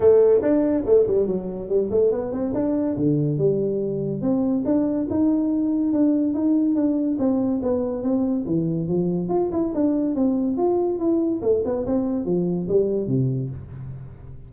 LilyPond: \new Staff \with { instrumentName = "tuba" } { \time 4/4 \tempo 4 = 142 a4 d'4 a8 g8 fis4 | g8 a8 b8 c'8 d'4 d4 | g2 c'4 d'4 | dis'2 d'4 dis'4 |
d'4 c'4 b4 c'4 | e4 f4 f'8 e'8 d'4 | c'4 f'4 e'4 a8 b8 | c'4 f4 g4 c4 | }